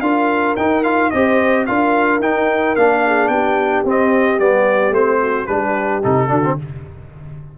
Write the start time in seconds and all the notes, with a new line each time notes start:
0.00 D4 F4 A#4 F5
0.56 D#4 G5
0.83 F4 F5
1.10 C4 G4 C5 D#5
1.66 D4 F4 A#4 F5
2.19 D#4 G5
2.75 A#3 D4 F5
3.05 G#4
3.28 B3 G4 G5
3.84 C4 D#5
4.39 G3 B3 D5
4.90 A3 C4 C5
5.20 F#4
5.46 G3 D4 G4 B4
6.03 C3 D#4 A4
6.28 D3 D4 F#4
6.44 C4